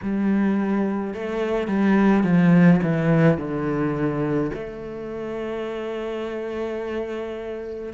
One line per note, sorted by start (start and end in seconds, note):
0.02 1.13 G3
1.13 1.67 A3
1.67 2.23 G3
2.23 2.80 F3
2.83 3.37 E3
3.37 4.50 D3
4.54 7.93 A3